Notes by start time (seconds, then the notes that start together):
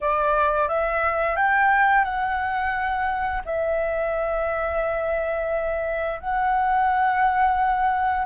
0.00 D5
0.68 E5
1.36 G5
2.04 F#5
3.45 E5
6.20 F#5